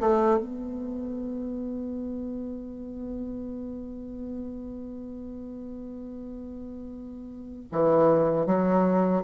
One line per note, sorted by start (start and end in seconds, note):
0.00 0.38 A3
0.38 7.69 B3
7.72 8.46 E3
8.46 9.23 F#3